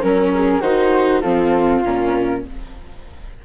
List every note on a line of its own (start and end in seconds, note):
0.00 0.61 F#3
0.00 0.61 C#4
0.00 0.31 A#4
0.00 0.62 A#4
0.35 0.60 G#4
0.60 1.22 D#3
0.60 1.23 D#4
0.60 1.21 F#4
0.60 1.21 C5
1.21 1.84 F3
1.21 1.84 C4
1.21 2.43 F4
1.21 1.81 A4
1.84 2.45 A#2
1.84 2.45 C#4
1.84 2.45 A#4